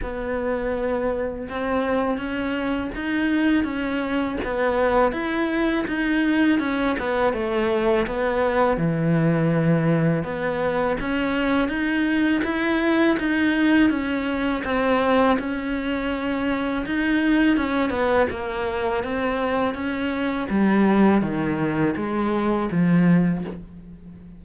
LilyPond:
\new Staff \with { instrumentName = "cello" } { \time 4/4 \tempo 4 = 82 b2 c'4 cis'4 | dis'4 cis'4 b4 e'4 | dis'4 cis'8 b8 a4 b4 | e2 b4 cis'4 |
dis'4 e'4 dis'4 cis'4 | c'4 cis'2 dis'4 | cis'8 b8 ais4 c'4 cis'4 | g4 dis4 gis4 f4 | }